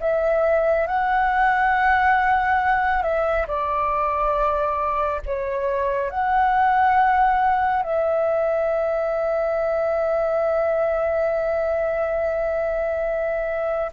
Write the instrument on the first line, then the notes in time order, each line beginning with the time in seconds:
flute
0.00 E5
0.87 F#5
3.02 E5
3.47 D5
5.26 C#5
6.10 F#5
7.83 E5